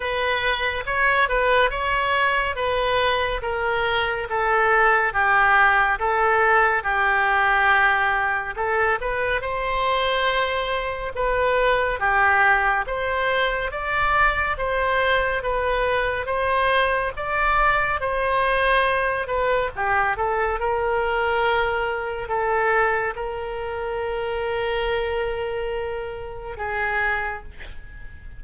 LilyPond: \new Staff \with { instrumentName = "oboe" } { \time 4/4 \tempo 4 = 70 b'4 cis''8 b'8 cis''4 b'4 | ais'4 a'4 g'4 a'4 | g'2 a'8 b'8 c''4~ | c''4 b'4 g'4 c''4 |
d''4 c''4 b'4 c''4 | d''4 c''4. b'8 g'8 a'8 | ais'2 a'4 ais'4~ | ais'2. gis'4 | }